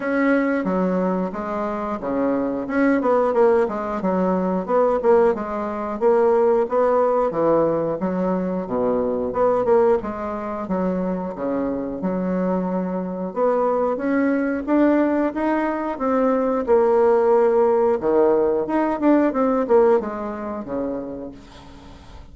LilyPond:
\new Staff \with { instrumentName = "bassoon" } { \time 4/4 \tempo 4 = 90 cis'4 fis4 gis4 cis4 | cis'8 b8 ais8 gis8 fis4 b8 ais8 | gis4 ais4 b4 e4 | fis4 b,4 b8 ais8 gis4 |
fis4 cis4 fis2 | b4 cis'4 d'4 dis'4 | c'4 ais2 dis4 | dis'8 d'8 c'8 ais8 gis4 cis4 | }